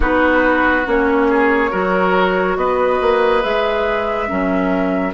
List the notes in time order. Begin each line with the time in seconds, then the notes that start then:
0.00 B3 D#4 F#4 B4
0.86 A#3 C#4 C#5
1.28 G#4
1.70 F#3 F#4 A#4
2.56 B3 B4 D#5
3.01 A#3
3.41 G#3 G#4 E5
4.27 F#3 C#4 A#4